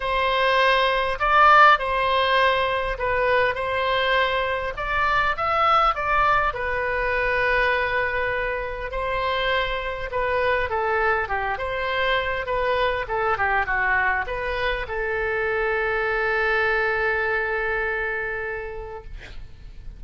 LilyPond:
\new Staff \with { instrumentName = "oboe" } { \time 4/4 \tempo 4 = 101 c''2 d''4 c''4~ | c''4 b'4 c''2 | d''4 e''4 d''4 b'4~ | b'2. c''4~ |
c''4 b'4 a'4 g'8 c''8~ | c''4 b'4 a'8 g'8 fis'4 | b'4 a'2.~ | a'1 | }